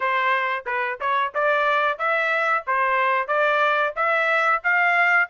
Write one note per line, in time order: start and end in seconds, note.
0.00 0.64 C5
0.66 0.99 B4
1.00 1.33 C#5
1.34 1.98 D5
1.98 2.64 E5
2.66 3.27 C5
3.27 3.93 D5
3.96 4.62 E5
4.63 5.29 F5